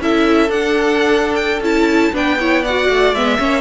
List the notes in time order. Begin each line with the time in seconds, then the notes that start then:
0.00 C#4 E4 A4 E5
0.49 D4 F#5
1.35 G5
1.61 C#4 E4 A5
2.13 B3 D4 B4 G5
2.39 E4 C#5
2.62 D5 F#5
2.69 F#4
2.89 A3
3.14 G#3 B3 E5
3.39 A#3 C#4 C#5